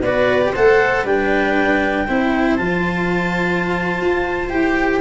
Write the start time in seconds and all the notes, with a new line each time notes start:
0.00 B3 F#4 B4 D5
0.41 G4
0.53 A3 A4 C5 F#5
1.04 G3 D4 B4 G5
2.07 C4 E4 C5
2.57 F3 F4 A5
4.01 F4
4.50 E4 G4 G5